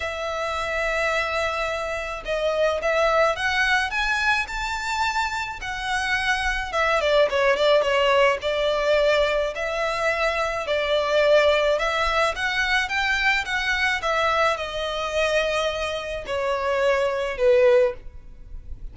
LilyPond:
\new Staff \with { instrumentName = "violin" } { \time 4/4 \tempo 4 = 107 e''1 | dis''4 e''4 fis''4 gis''4 | a''2 fis''2 | e''8 d''8 cis''8 d''8 cis''4 d''4~ |
d''4 e''2 d''4~ | d''4 e''4 fis''4 g''4 | fis''4 e''4 dis''2~ | dis''4 cis''2 b'4 | }